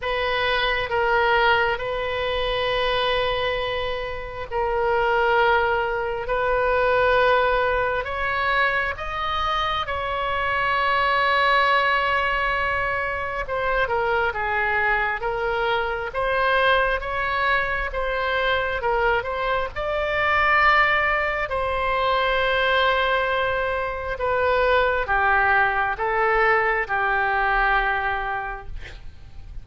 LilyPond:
\new Staff \with { instrumentName = "oboe" } { \time 4/4 \tempo 4 = 67 b'4 ais'4 b'2~ | b'4 ais'2 b'4~ | b'4 cis''4 dis''4 cis''4~ | cis''2. c''8 ais'8 |
gis'4 ais'4 c''4 cis''4 | c''4 ais'8 c''8 d''2 | c''2. b'4 | g'4 a'4 g'2 | }